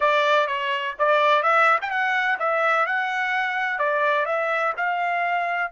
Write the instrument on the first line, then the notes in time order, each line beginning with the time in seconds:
trumpet
0.00 D5
0.47 C#5
0.98 D5
1.43 E5
1.81 G5
1.90 F#5
2.39 E5
2.86 F#5
3.79 D5
4.25 E5
4.76 F5